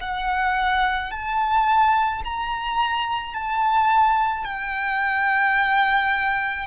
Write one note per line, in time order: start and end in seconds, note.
0.00 1.11 F#5
1.11 2.22 A5
2.24 3.33 A#5
3.33 4.44 A5
4.44 6.67 G5